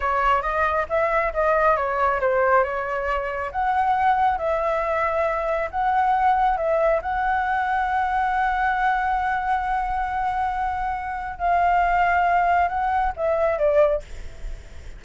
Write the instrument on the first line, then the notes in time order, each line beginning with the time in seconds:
flute
0.00 C#5
0.42 D#5
0.89 E5
1.33 D#5
1.76 C#5
2.20 C5
2.63 C#5
3.51 F#5
4.37 E5
5.70 F#5
6.57 E5
7.02 F#5
11.38 F5
12.68 F#5
13.16 E5
13.58 D5